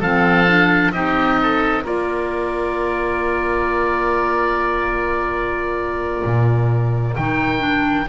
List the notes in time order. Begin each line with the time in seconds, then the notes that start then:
0.00 F3 C4 A4 F5
0.48 D4
0.92 C4 D#4 G4 D#5
1.42 A4
1.83 A#3 F4 A#4 D5
6.24 A#2
7.16 D#3 D#4 G5
7.59 D4